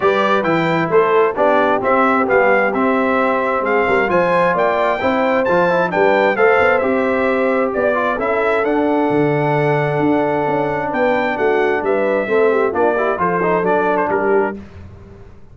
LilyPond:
<<
  \new Staff \with { instrumentName = "trumpet" } { \time 4/4 \tempo 4 = 132 d''4 g''4 c''4 d''4 | e''4 f''4 e''2 | f''4 gis''4 g''2 | a''4 g''4 f''4 e''4~ |
e''4 d''4 e''4 fis''4~ | fis''1 | g''4 fis''4 e''2 | d''4 c''4 d''8. c''16 ais'4 | }
  \new Staff \with { instrumentName = "horn" } { \time 4/4 b'2 a'4 g'4~ | g'1 | gis'8 ais'8 c''4 d''4 c''4~ | c''4 b'4 c''2~ |
c''4 d''4 a'2~ | a'1 | b'4 fis'4 b'4 a'8 g'8 | f'8 g'8 a'2 g'4 | }
  \new Staff \with { instrumentName = "trombone" } { \time 4/4 g'4 e'2 d'4 | c'4 b4 c'2~ | c'4 f'2 e'4 | f'8 e'8 d'4 a'4 g'4~ |
g'4. f'8 e'4 d'4~ | d'1~ | d'2. c'4 | d'8 e'8 f'8 dis'8 d'2 | }
  \new Staff \with { instrumentName = "tuba" } { \time 4/4 g4 e4 a4 b4 | c'4 g4 c'2 | gis8 g8 f4 ais4 c'4 | f4 g4 a8 b8 c'4~ |
c'4 b4 cis'4 d'4 | d2 d'4 cis'4 | b4 a4 g4 a4 | ais4 f4 fis4 g4 | }
>>